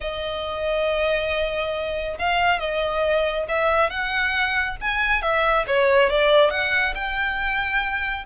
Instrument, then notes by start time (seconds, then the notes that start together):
violin
0.00 D#5
2.18 F5
2.59 D#5
3.48 E5
3.89 F#5
4.80 G#5
5.22 E5
5.67 C#5
6.09 D5
6.50 F#5
6.94 G5